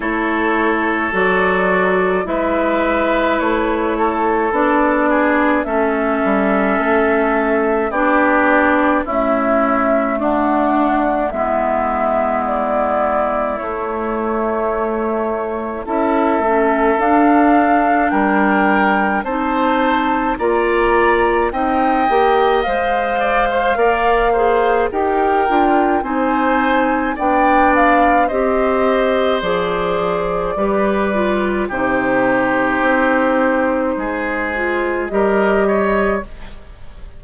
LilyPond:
<<
  \new Staff \with { instrumentName = "flute" } { \time 4/4 \tempo 4 = 53 cis''4 d''4 e''4 cis''4 | d''4 e''2 d''4 | e''4 fis''4 e''4 d''4 | cis''2 e''4 f''4 |
g''4 a''4 ais''4 g''4 | f''2 g''4 gis''4 | g''8 f''8 dis''4 d''2 | c''2. dis''4 | }
  \new Staff \with { instrumentName = "oboe" } { \time 4/4 a'2 b'4. a'8~ | a'8 gis'8 a'2 g'4 | e'4 d'4 e'2~ | e'2 a'2 |
ais'4 c''4 d''4 dis''4~ | dis''8 d''16 c''16 d''8 c''8 ais'4 c''4 | d''4 c''2 b'4 | g'2 gis'4 ais'8 cis''8 | }
  \new Staff \with { instrumentName = "clarinet" } { \time 4/4 e'4 fis'4 e'2 | d'4 cis'2 d'4 | a2 b2 | a2 e'8 cis'8 d'4~ |
d'4 dis'4 f'4 dis'8 g'8 | c''4 ais'8 gis'8 g'8 f'8 dis'4 | d'4 g'4 gis'4 g'8 f'8 | dis'2~ dis'8 f'8 g'4 | }
  \new Staff \with { instrumentName = "bassoon" } { \time 4/4 a4 fis4 gis4 a4 | b4 a8 g8 a4 b4 | cis'4 d'4 gis2 | a2 cis'8 a8 d'4 |
g4 c'4 ais4 c'8 ais8 | gis4 ais4 dis'8 d'8 c'4 | b4 c'4 f4 g4 | c4 c'4 gis4 g4 | }
>>